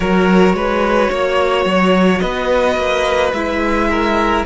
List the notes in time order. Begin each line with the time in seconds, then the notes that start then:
0.00 F#3 F#4 A#4 C#5
0.53 G#3 B4
1.11 A#3 C#5
1.65 F#3
2.19 B3 B4 D#5
2.76 A#3
3.32 G#3 E4 E5
3.90 A#4